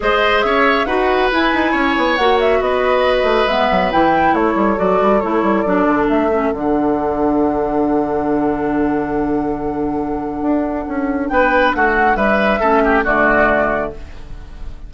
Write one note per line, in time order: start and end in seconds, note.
0.00 0.44 G#3
0.00 0.87 G#4
0.00 0.45 C5
0.00 0.41 D#5
0.41 0.85 C#4
0.41 0.86 C#5
0.41 0.85 E5
0.85 1.29 D#4
0.85 1.31 F#4
0.85 1.71 B4
0.85 1.28 F#5
1.31 2.18 E4
1.31 1.53 E4
1.31 2.16 G#5
1.53 1.73 D#4
1.71 1.95 C#4
1.71 2.58 C#5
1.97 2.18 B3
2.16 2.60 A#3
2.16 3.48 F#4
2.16 2.38 F#5
2.40 2.62 E5
2.60 3.23 B3
2.60 4.34 B4
2.60 3.48 D#5
3.23 3.44 A3
3.47 3.69 G#3
3.47 3.91 B3
3.47 3.91 E5
3.70 3.92 F#3
3.91 4.33 E3
3.91 4.76 E4
3.91 4.34 G5
4.33 4.54 A3
4.33 11.29 A4
4.33 4.78 C#5
4.55 4.76 G3
4.76 5.01 F#3
4.76 5.19 F#4
4.76 5.20 D5
5.01 5.23 G3
5.20 5.42 A3
5.20 5.65 E4
5.20 5.61 C#5
5.42 5.64 G3
5.61 5.87 F#3
5.61 6.30 D4
5.61 6.05 D5
5.87 6.08 D3
6.09 6.52 A3
6.09 6.52 E5
6.31 6.52 C#4
6.52 10.41 D3
6.52 12.61 D4
6.52 11.28 F#5
10.41 10.85 D4
10.87 11.29 C#4
11.28 11.73 B3
11.28 11.75 B4
11.28 11.71 G5
11.74 12.15 A3
11.74 12.16 F#4
11.74 12.16 F#5
12.15 12.59 G3
12.15 12.60 B4
12.15 13.03 E5
12.60 13.04 A3
12.60 13.04 C#4
12.60 12.82 A4
12.84 13.04 G4
13.04 13.93 D3
13.04 13.91 A3
13.04 13.91 F#4
13.04 13.91 D5